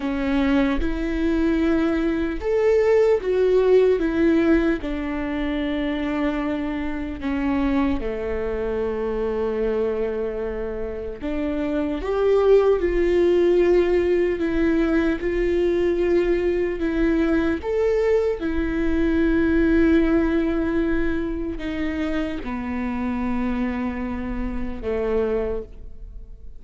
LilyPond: \new Staff \with { instrumentName = "viola" } { \time 4/4 \tempo 4 = 75 cis'4 e'2 a'4 | fis'4 e'4 d'2~ | d'4 cis'4 a2~ | a2 d'4 g'4 |
f'2 e'4 f'4~ | f'4 e'4 a'4 e'4~ | e'2. dis'4 | b2. a4 | }